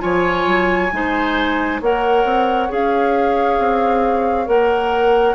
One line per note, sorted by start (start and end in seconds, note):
0.00 0.47 F3
0.00 0.90 F4
0.00 0.92 C#5
0.00 1.80 G#5
0.47 0.92 F#3
0.92 1.81 G#3
0.92 1.82 D#4
0.92 1.82 C5
1.81 2.25 A#3
1.81 2.70 A#4
1.81 5.35 C#5
1.81 2.73 F#5
2.25 2.70 C4
2.70 3.59 C#4
2.70 4.46 G#4
2.70 4.49 F5
3.59 4.48 C4
4.46 5.35 A#3
4.46 5.35 A#4
4.46 5.35 F#5